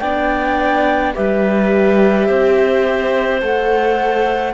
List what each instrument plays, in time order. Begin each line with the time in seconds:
0.00 cello B3, viola D4, clarinet D5, flute G5
1.14 cello G3, viola G4, clarinet B4, flute E5
2.27 cello C4, clarinet C5
3.42 cello A3, viola A4, flute F#5